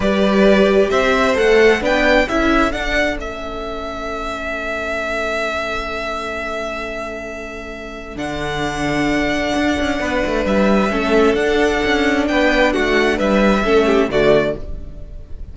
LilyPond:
<<
  \new Staff \with { instrumentName = "violin" } { \time 4/4 \tempo 4 = 132 d''2 e''4 fis''4 | g''4 e''4 fis''4 e''4~ | e''1~ | e''1~ |
e''2 fis''2~ | fis''2. e''4~ | e''4 fis''2 g''4 | fis''4 e''2 d''4 | }
  \new Staff \with { instrumentName = "violin" } { \time 4/4 b'2 c''2 | b'4 a'2.~ | a'1~ | a'1~ |
a'1~ | a'2 b'2 | a'2. b'4 | fis'4 b'4 a'8 g'8 fis'4 | }
  \new Staff \with { instrumentName = "viola" } { \time 4/4 g'2. a'4 | d'4 e'4 d'4 cis'4~ | cis'1~ | cis'1~ |
cis'2 d'2~ | d'1 | cis'4 d'2.~ | d'2 cis'4 a4 | }
  \new Staff \with { instrumentName = "cello" } { \time 4/4 g2 c'4 a4 | b4 cis'4 d'4 a4~ | a1~ | a1~ |
a2 d2~ | d4 d'8 cis'8 b8 a8 g4 | a4 d'4 cis'4 b4 | a4 g4 a4 d4 | }
>>